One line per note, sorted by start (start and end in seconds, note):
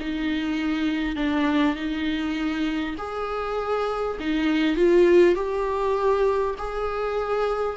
0.00 1.16 D#4
1.16 1.76 D4
1.76 2.96 D#4
2.98 4.18 G#4
4.21 4.77 D#4
4.77 5.36 F4
5.36 6.56 G4
6.58 7.77 G#4